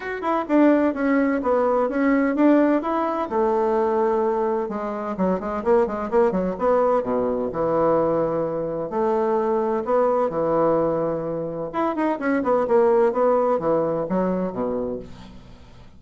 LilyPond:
\new Staff \with { instrumentName = "bassoon" } { \time 4/4 \tempo 4 = 128 fis'8 e'8 d'4 cis'4 b4 | cis'4 d'4 e'4 a4~ | a2 gis4 fis8 gis8 | ais8 gis8 ais8 fis8 b4 b,4 |
e2. a4~ | a4 b4 e2~ | e4 e'8 dis'8 cis'8 b8 ais4 | b4 e4 fis4 b,4 | }